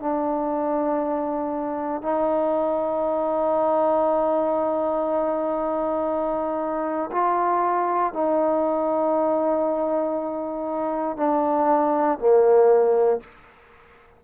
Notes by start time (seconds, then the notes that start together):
0.00 D4
2.02 D#4
7.11 F4
8.13 D#4
11.17 D4
12.18 A#3